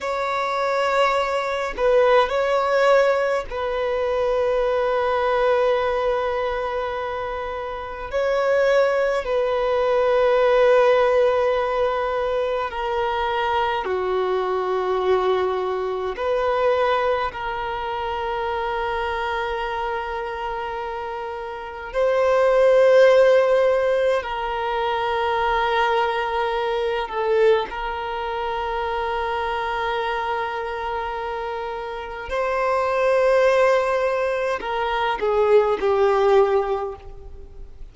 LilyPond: \new Staff \with { instrumentName = "violin" } { \time 4/4 \tempo 4 = 52 cis''4. b'8 cis''4 b'4~ | b'2. cis''4 | b'2. ais'4 | fis'2 b'4 ais'4~ |
ais'2. c''4~ | c''4 ais'2~ ais'8 a'8 | ais'1 | c''2 ais'8 gis'8 g'4 | }